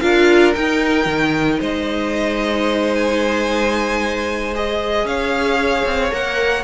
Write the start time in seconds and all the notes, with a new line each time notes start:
0.00 D4 F4 A#4 F5
0.54 D#4 G5
1.06 D#3
1.60 G#3 C5 D#5
2.95 G#5
4.54 G#4 D#5
5.05 C#4 C#5 F5
5.85 C4
6.11 A#3 A#4 F#5